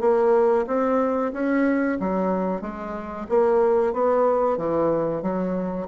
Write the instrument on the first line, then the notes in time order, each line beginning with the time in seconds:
bassoon
0.00 A#3
0.67 C4
1.33 C#4
2.00 F#3
2.61 G#3
3.29 A#3
3.93 B3
4.57 E3
5.22 F#3